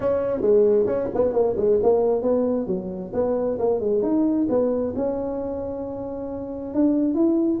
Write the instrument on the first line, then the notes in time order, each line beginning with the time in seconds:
tuba
0.00 C#4
0.41 G#3
0.86 C#4
1.14 B3
1.32 A#3
1.57 G#3
1.83 A#3
2.21 B3
2.66 F#3
3.13 B3
3.58 A#3
3.80 G#3
4.02 D#4
4.49 B3
4.96 C#4
6.74 D4
7.14 E4